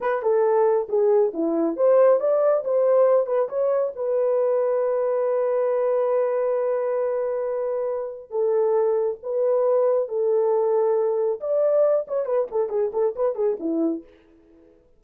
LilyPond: \new Staff \with { instrumentName = "horn" } { \time 4/4 \tempo 4 = 137 b'8 a'4. gis'4 e'4 | c''4 d''4 c''4. b'8 | cis''4 b'2.~ | b'1~ |
b'2. a'4~ | a'4 b'2 a'4~ | a'2 d''4. cis''8 | b'8 a'8 gis'8 a'8 b'8 gis'8 e'4 | }